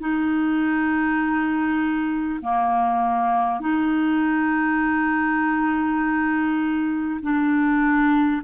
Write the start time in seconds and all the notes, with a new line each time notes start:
0.00 D#4
2.42 A#3
3.61 D#4
7.22 D4